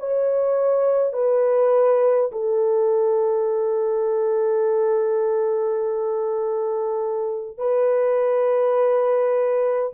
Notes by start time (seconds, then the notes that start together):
0.00 C#5
1.13 B4
2.32 A4
7.58 B4